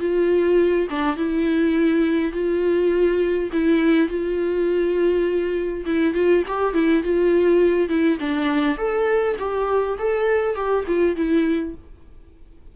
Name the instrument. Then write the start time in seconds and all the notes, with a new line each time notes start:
viola
0.00 F4
0.91 D4
1.17 E4
2.33 F4
3.53 E4
4.09 F4
5.86 E4
6.14 F4
6.48 G4
6.74 E4
7.03 F4
7.89 E4
8.20 D4
8.78 A4
9.39 G4
9.99 A4
10.56 G4
10.87 F4
11.16 E4